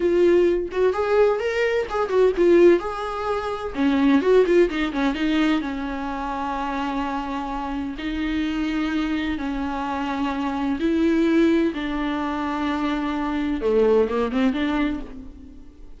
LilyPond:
\new Staff \with { instrumentName = "viola" } { \time 4/4 \tempo 4 = 128 f'4. fis'8 gis'4 ais'4 | gis'8 fis'8 f'4 gis'2 | cis'4 fis'8 f'8 dis'8 cis'8 dis'4 | cis'1~ |
cis'4 dis'2. | cis'2. e'4~ | e'4 d'2.~ | d'4 a4 ais8 c'8 d'4 | }